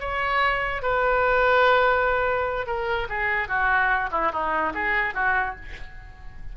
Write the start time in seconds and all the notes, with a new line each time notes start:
0.00 C#5
0.82 B4
2.67 A#4
3.09 G#4
3.48 F#4
4.12 E4
4.32 D#4
4.74 G#4
5.15 F#4